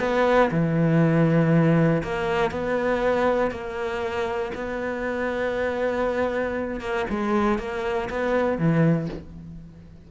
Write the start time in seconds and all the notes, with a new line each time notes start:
0.00 B3
0.51 E3
2.03 A#3
2.51 B3
3.51 A#3
4.54 B3
6.81 A#3
7.10 G#3
7.59 A#3
8.10 B3
8.58 E3